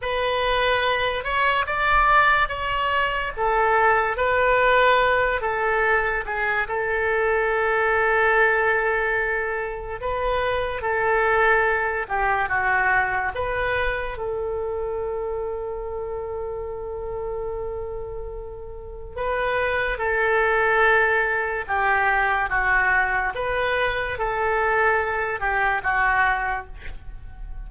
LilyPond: \new Staff \with { instrumentName = "oboe" } { \time 4/4 \tempo 4 = 72 b'4. cis''8 d''4 cis''4 | a'4 b'4. a'4 gis'8 | a'1 | b'4 a'4. g'8 fis'4 |
b'4 a'2.~ | a'2. b'4 | a'2 g'4 fis'4 | b'4 a'4. g'8 fis'4 | }